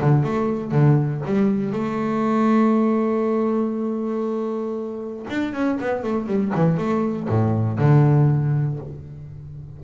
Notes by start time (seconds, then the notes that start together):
0.00 D3
0.23 A3
0.71 D3
1.26 G3
1.72 A3
5.29 D4
5.53 C#4
5.80 B3
6.03 A3
6.26 G3
6.55 E3
6.77 A3
7.28 A2
7.78 D3